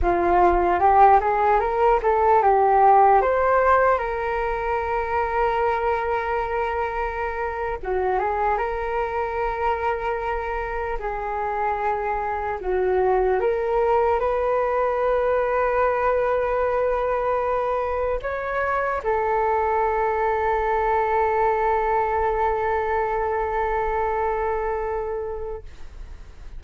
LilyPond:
\new Staff \with { instrumentName = "flute" } { \time 4/4 \tempo 4 = 75 f'4 g'8 gis'8 ais'8 a'8 g'4 | c''4 ais'2.~ | ais'4.~ ais'16 fis'8 gis'8 ais'4~ ais'16~ | ais'4.~ ais'16 gis'2 fis'16~ |
fis'8. ais'4 b'2~ b'16~ | b'2~ b'8. cis''4 a'16~ | a'1~ | a'1 | }